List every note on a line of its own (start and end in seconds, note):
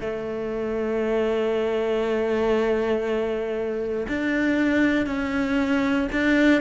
0.00 4.07 A3
4.08 5.07 D4
5.07 6.08 C#4
6.12 6.61 D4